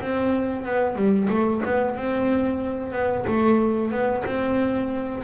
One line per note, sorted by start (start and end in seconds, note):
0.00 0.65 C4
0.65 0.95 B3
0.95 1.28 G3
1.29 1.62 A3
1.65 1.96 B3
1.96 2.92 C4
2.92 3.25 B3
3.27 3.91 A3
3.91 4.24 B3
4.25 5.22 C4